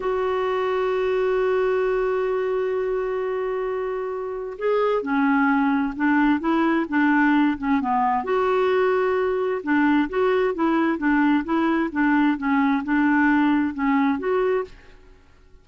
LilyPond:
\new Staff \with { instrumentName = "clarinet" } { \time 4/4 \tempo 4 = 131 fis'1~ | fis'1~ | fis'2 gis'4 cis'4~ | cis'4 d'4 e'4 d'4~ |
d'8 cis'8 b4 fis'2~ | fis'4 d'4 fis'4 e'4 | d'4 e'4 d'4 cis'4 | d'2 cis'4 fis'4 | }